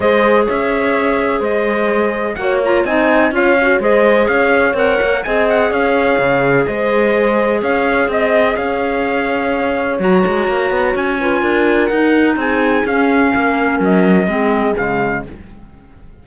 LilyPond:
<<
  \new Staff \with { instrumentName = "trumpet" } { \time 4/4 \tempo 4 = 126 dis''4 e''2 dis''4~ | dis''4 fis''8 ais''8 gis''4 f''4 | dis''4 f''4 fis''4 gis''8 fis''8 | f''2 dis''2 |
f''4 dis''4 f''2~ | f''4 ais''2 gis''4~ | gis''4 fis''4 gis''4 f''4~ | f''4 dis''2 f''4 | }
  \new Staff \with { instrumentName = "horn" } { \time 4/4 c''4 cis''2 c''4~ | c''4 cis''4 dis''4 cis''4 | c''4 cis''2 dis''4 | cis''2 c''2 |
cis''4 dis''4 cis''2~ | cis''2.~ cis''8 b'8 | ais'2 gis'2 | ais'2 gis'2 | }
  \new Staff \with { instrumentName = "clarinet" } { \time 4/4 gis'1~ | gis'4 fis'8 f'8 dis'4 f'8 fis'8 | gis'2 ais'4 gis'4~ | gis'1~ |
gis'1~ | gis'4 fis'2~ fis'8 f'8~ | f'4 dis'2 cis'4~ | cis'2 c'4 gis4 | }
  \new Staff \with { instrumentName = "cello" } { \time 4/4 gis4 cis'2 gis4~ | gis4 ais4 c'4 cis'4 | gis4 cis'4 c'8 ais8 c'4 | cis'4 cis4 gis2 |
cis'4 c'4 cis'2~ | cis'4 fis8 gis8 ais8 b8 cis'4 | d'4 dis'4 c'4 cis'4 | ais4 fis4 gis4 cis4 | }
>>